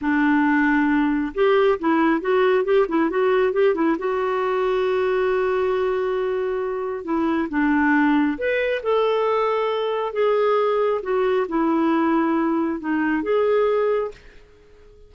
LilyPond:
\new Staff \with { instrumentName = "clarinet" } { \time 4/4 \tempo 4 = 136 d'2. g'4 | e'4 fis'4 g'8 e'8 fis'4 | g'8 e'8 fis'2.~ | fis'1 |
e'4 d'2 b'4 | a'2. gis'4~ | gis'4 fis'4 e'2~ | e'4 dis'4 gis'2 | }